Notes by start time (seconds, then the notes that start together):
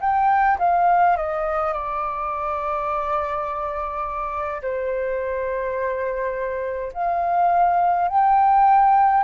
0.00 G5
0.58 F5
1.16 D#5
1.73 D5
4.62 C5
6.93 F5
8.08 G5